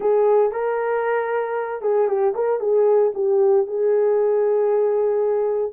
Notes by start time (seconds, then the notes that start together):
0.00 G#4
0.51 A#4
1.81 G#4
2.07 G4
2.35 A#4
2.60 G#4
3.14 G4
3.66 G#4